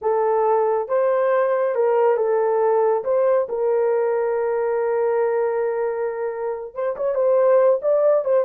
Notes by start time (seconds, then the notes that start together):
0.01 A4
0.88 C5
1.75 A#4
2.16 A4
3.04 C5
3.48 A#4
6.74 C5
6.96 C#5
7.14 C5
7.82 D5
8.25 C5